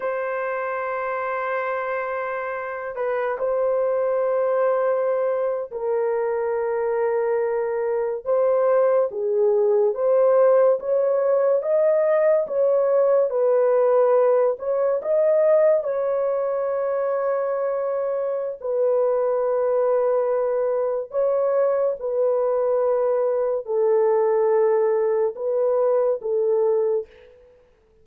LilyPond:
\new Staff \with { instrumentName = "horn" } { \time 4/4 \tempo 4 = 71 c''2.~ c''8 b'8 | c''2~ c''8. ais'4~ ais'16~ | ais'4.~ ais'16 c''4 gis'4 c''16~ | c''8. cis''4 dis''4 cis''4 b'16~ |
b'4~ b'16 cis''8 dis''4 cis''4~ cis''16~ | cis''2 b'2~ | b'4 cis''4 b'2 | a'2 b'4 a'4 | }